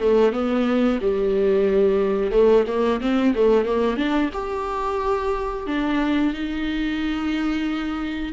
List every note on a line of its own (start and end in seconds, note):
0.00 0.33 A3
0.33 0.99 B3
1.02 2.32 G3
2.32 2.65 A3
2.67 3.01 A#3
3.01 3.34 C4
3.35 3.65 A3
3.65 3.97 A#3
3.97 4.30 D4
4.34 5.67 G4
5.67 6.34 D4
6.34 8.33 D#4